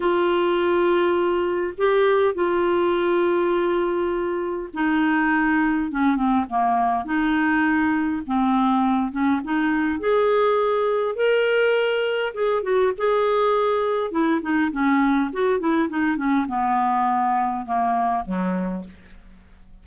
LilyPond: \new Staff \with { instrumentName = "clarinet" } { \time 4/4 \tempo 4 = 102 f'2. g'4 | f'1 | dis'2 cis'8 c'8 ais4 | dis'2 c'4. cis'8 |
dis'4 gis'2 ais'4~ | ais'4 gis'8 fis'8 gis'2 | e'8 dis'8 cis'4 fis'8 e'8 dis'8 cis'8 | b2 ais4 fis4 | }